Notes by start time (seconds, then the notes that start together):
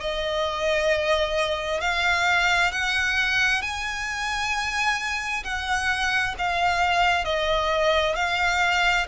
0.00 D#5
1.81 F5
2.71 F#5
3.62 G#5
5.44 F#5
6.38 F5
7.24 D#5
8.15 F5